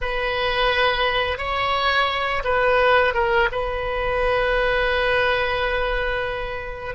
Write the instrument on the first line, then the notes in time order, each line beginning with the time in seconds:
oboe
0.01 B4
1.38 C#5
2.44 B4
3.14 A#4
3.51 B4